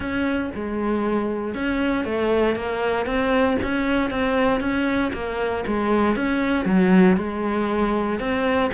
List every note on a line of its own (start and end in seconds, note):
0.00 0.50 C#4
0.54 1.54 G#3
1.54 2.04 C#4
2.04 2.55 A3
2.55 3.05 A#3
3.05 3.57 C4
3.62 4.10 C#4
4.10 4.60 C4
4.60 5.11 C#4
5.13 5.64 A#3
5.66 6.16 G#3
6.16 6.65 C#4
6.65 7.16 F#3
7.17 8.19 G#3
8.19 8.70 C4